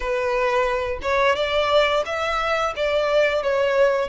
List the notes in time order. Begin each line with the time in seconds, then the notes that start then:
0.00 B4
1.01 C#5
1.35 D5
2.05 E5
2.76 D5
3.42 C#5